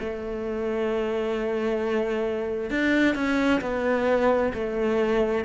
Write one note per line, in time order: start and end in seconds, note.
0.00 2.70 A3
2.70 3.15 D4
3.15 3.61 C#4
3.62 4.52 B3
4.54 5.45 A3